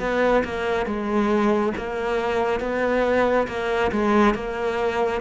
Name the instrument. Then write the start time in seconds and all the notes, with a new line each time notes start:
cello
0.00 B3
0.45 A#3
0.86 G#3
1.77 A#3
2.60 B3
3.48 A#3
3.92 G#3
4.35 A#3